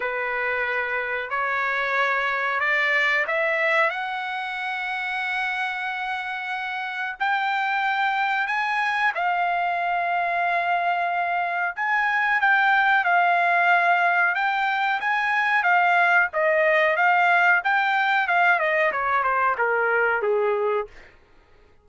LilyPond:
\new Staff \with { instrumentName = "trumpet" } { \time 4/4 \tempo 4 = 92 b'2 cis''2 | d''4 e''4 fis''2~ | fis''2. g''4~ | g''4 gis''4 f''2~ |
f''2 gis''4 g''4 | f''2 g''4 gis''4 | f''4 dis''4 f''4 g''4 | f''8 dis''8 cis''8 c''8 ais'4 gis'4 | }